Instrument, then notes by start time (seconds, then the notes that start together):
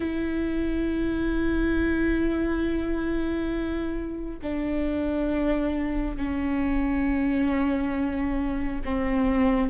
viola
0.00 E4
4.42 D4
6.16 C#4
8.85 C4